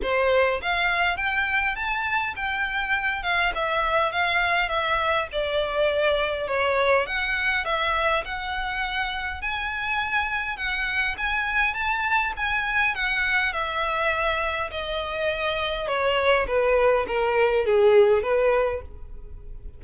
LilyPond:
\new Staff \with { instrumentName = "violin" } { \time 4/4 \tempo 4 = 102 c''4 f''4 g''4 a''4 | g''4. f''8 e''4 f''4 | e''4 d''2 cis''4 | fis''4 e''4 fis''2 |
gis''2 fis''4 gis''4 | a''4 gis''4 fis''4 e''4~ | e''4 dis''2 cis''4 | b'4 ais'4 gis'4 b'4 | }